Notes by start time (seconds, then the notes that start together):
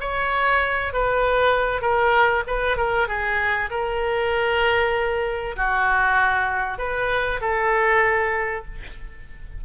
0.00 C#5
0.93 B4
1.81 A#4
2.47 B4
2.77 A#4
3.08 G#4
3.70 A#4
5.56 F#4
6.78 B4
7.41 A4